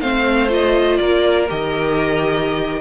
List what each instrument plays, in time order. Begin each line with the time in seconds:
0.00 cello A3, viola C4, violin C5 F5
0.49 viola F4, violin D#5
0.97 cello A#3, violin A#4 D5
1.48 cello D#3, viola G4, violin D#5